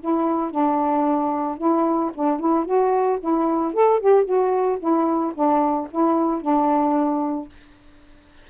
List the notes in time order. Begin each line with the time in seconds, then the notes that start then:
0.00 E4
0.51 D4
1.58 E4
2.15 D4
2.40 E4
2.65 F#4
3.20 E4
3.74 A4
4.00 G4
4.25 F#4
4.79 E4
5.34 D4
5.91 E4
6.42 D4